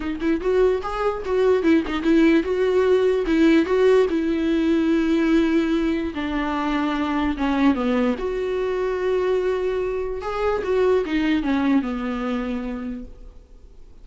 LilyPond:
\new Staff \with { instrumentName = "viola" } { \time 4/4 \tempo 4 = 147 dis'8 e'8 fis'4 gis'4 fis'4 | e'8 dis'8 e'4 fis'2 | e'4 fis'4 e'2~ | e'2. d'4~ |
d'2 cis'4 b4 | fis'1~ | fis'4 gis'4 fis'4 dis'4 | cis'4 b2. | }